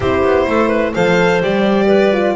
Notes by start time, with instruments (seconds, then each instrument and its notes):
0.00 double bass C4, horn E4, clarinet G4, violin C5
0.22 double bass B3
0.46 double bass A3, clarinet A4
0.68 clarinet B4
0.93 double bass F3, horn A4, clarinet C5, violin F5
1.42 double bass G3, horn G4, violin D5
1.86 clarinet B4
2.13 horn F4